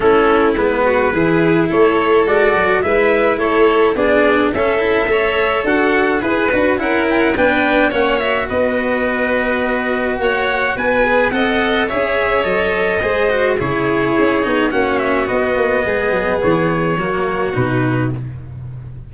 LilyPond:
<<
  \new Staff \with { instrumentName = "trumpet" } { \time 4/4 \tempo 4 = 106 a'4 b'2 cis''4 | d''4 e''4 cis''4 d''4 | e''2 fis''4 b'4 | fis''8 g''16 fis''16 g''4 fis''8 e''8 dis''4~ |
dis''2 fis''4 gis''4 | fis''4 e''4 dis''2 | cis''2 fis''8 e''8 dis''4~ | dis''4 cis''2 b'4 | }
  \new Staff \with { instrumentName = "violin" } { \time 4/4 e'4. fis'8 gis'4 a'4~ | a'4 b'4 a'4 gis'4 | a'4 cis''4 fis'4 b'4 | ais'4 b'4 cis''4 b'4~ |
b'2 cis''4 b'4 | dis''4 cis''2 c''4 | gis'2 fis'2 | gis'2 fis'2 | }
  \new Staff \with { instrumentName = "cello" } { \time 4/4 cis'4 b4 e'2 | fis'4 e'2 d'4 | cis'8 e'8 a'2 gis'8 fis'8 | e'4 d'4 cis'8 fis'4.~ |
fis'2.~ fis'8 gis'8 | a'4 gis'4 a'4 gis'8 fis'8 | e'4. dis'8 cis'4 b4~ | b2 ais4 dis'4 | }
  \new Staff \with { instrumentName = "tuba" } { \time 4/4 a4 gis4 e4 a4 | gis8 fis8 gis4 a4 b4 | cis'4 a4 d'4 e'8 d'8 | cis'4 b4 ais4 b4~ |
b2 ais4 b4 | c'4 cis'4 fis4 gis4 | cis4 cis'8 b8 ais4 b8 ais8 | gis8 fis8 e4 fis4 b,4 | }
>>